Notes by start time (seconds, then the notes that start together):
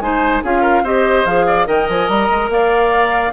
0.00 G#3 D#4 C5 G#5
0.44 C#4 F4 G#4 F5
0.62 A#4
0.83 C4 G4 C5 D#5
1.26 F3 G#4 F5
1.47 D5
1.66 D#3 A#4 D#5 G5
1.89 F3 G#5
2.08 G3 A#5
2.30 G#3
2.49 A#3 D5 F5